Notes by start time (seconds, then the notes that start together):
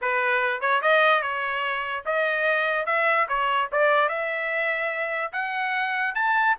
0.01 B4
0.60 C#5
0.81 D#5
1.21 C#5
2.05 D#5
2.86 E5
3.28 C#5
3.72 D5
4.08 E5
5.32 F#5
6.14 A5